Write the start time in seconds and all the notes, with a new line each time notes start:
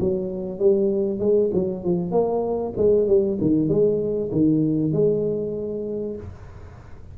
0.00 F#3
0.59 G3
1.19 G#3
1.53 F#3
1.84 F3
2.12 A#3
2.77 G#3
3.07 G3
3.41 D#3
3.69 G#3
4.32 D#3
4.93 G#3